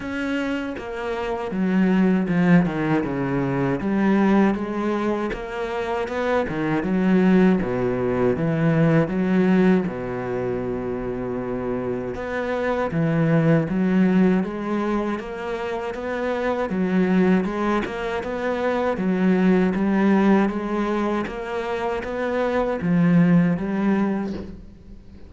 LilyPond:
\new Staff \with { instrumentName = "cello" } { \time 4/4 \tempo 4 = 79 cis'4 ais4 fis4 f8 dis8 | cis4 g4 gis4 ais4 | b8 dis8 fis4 b,4 e4 | fis4 b,2. |
b4 e4 fis4 gis4 | ais4 b4 fis4 gis8 ais8 | b4 fis4 g4 gis4 | ais4 b4 f4 g4 | }